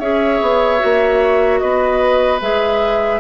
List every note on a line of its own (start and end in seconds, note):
0.00 0.41 C#4
0.00 0.79 G#4
0.00 1.60 C#5
0.00 1.59 E5
0.41 0.81 B3
0.79 1.62 A#3
0.79 2.39 F#4
1.59 2.41 B3
1.59 3.20 B4
1.59 2.39 D#5
2.41 3.20 G#3
2.41 3.20 G#4
2.41 3.20 E5